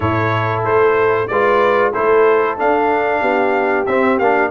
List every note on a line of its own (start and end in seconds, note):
0.00 0.63 A2
0.00 1.27 E4
0.00 1.29 A4
0.00 0.63 C#5
0.63 1.28 A3
0.63 1.27 C5
1.27 1.93 G#3
1.27 1.93 F4
1.27 1.92 B4
1.27 1.92 D5
1.92 2.60 A3
1.92 2.57 E4
1.92 3.20 A4
1.92 2.58 C5
2.57 3.86 D4
2.57 3.22 D4
2.57 3.85 F5
3.20 3.86 B3
3.20 4.49 G4
3.85 4.19 C4
3.85 4.21 C4
3.85 4.18 E5
4.19 4.51 A#3
4.19 4.51 D4
4.19 4.51 F5